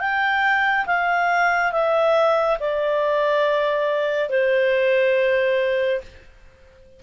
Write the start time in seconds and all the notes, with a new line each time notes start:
0.00 G5
0.86 F5
1.72 E5
2.60 D5
4.30 C5